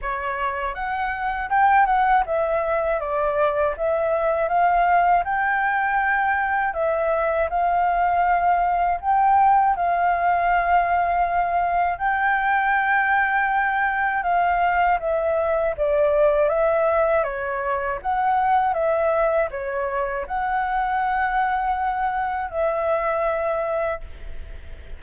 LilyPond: \new Staff \with { instrumentName = "flute" } { \time 4/4 \tempo 4 = 80 cis''4 fis''4 g''8 fis''8 e''4 | d''4 e''4 f''4 g''4~ | g''4 e''4 f''2 | g''4 f''2. |
g''2. f''4 | e''4 d''4 e''4 cis''4 | fis''4 e''4 cis''4 fis''4~ | fis''2 e''2 | }